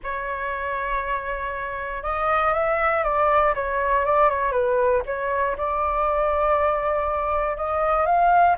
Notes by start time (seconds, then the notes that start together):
0.03 C#5
2.03 D#5
2.53 E5
3.03 D5
3.54 C#5
4.05 D5
4.29 C#5
4.51 B4
5.06 C#5
5.57 D5
7.57 D#5
8.06 F5